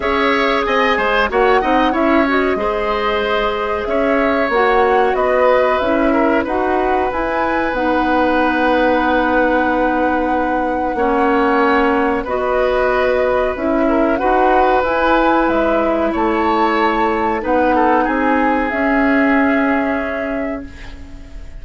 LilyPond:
<<
  \new Staff \with { instrumentName = "flute" } { \time 4/4 \tempo 4 = 93 e''4 gis''4 fis''4 e''8 dis''8~ | dis''2 e''4 fis''4 | dis''4 e''4 fis''4 gis''4 | fis''1~ |
fis''2. dis''4~ | dis''4 e''4 fis''4 gis''4 | e''4 a''2 fis''4 | gis''4 e''2. | }
  \new Staff \with { instrumentName = "oboe" } { \time 4/4 cis''4 dis''8 c''8 cis''8 dis''8 cis''4 | c''2 cis''2 | b'4. ais'8 b'2~ | b'1~ |
b'4 cis''2 b'4~ | b'4. ais'8 b'2~ | b'4 cis''2 b'8 a'8 | gis'1 | }
  \new Staff \with { instrumentName = "clarinet" } { \time 4/4 gis'2 fis'8 dis'8 e'8 fis'8 | gis'2. fis'4~ | fis'4 e'4 fis'4 e'4 | dis'1~ |
dis'4 cis'2 fis'4~ | fis'4 e'4 fis'4 e'4~ | e'2. dis'4~ | dis'4 cis'2. | }
  \new Staff \with { instrumentName = "bassoon" } { \time 4/4 cis'4 c'8 gis8 ais8 c'8 cis'4 | gis2 cis'4 ais4 | b4 cis'4 dis'4 e'4 | b1~ |
b4 ais2 b4~ | b4 cis'4 dis'4 e'4 | gis4 a2 b4 | c'4 cis'2. | }
>>